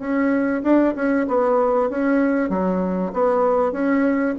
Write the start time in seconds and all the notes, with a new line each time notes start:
0.00 C#4
0.63 D4
0.96 C#4
1.28 B3
1.90 C#4
2.50 F#3
3.13 B3
3.72 C#4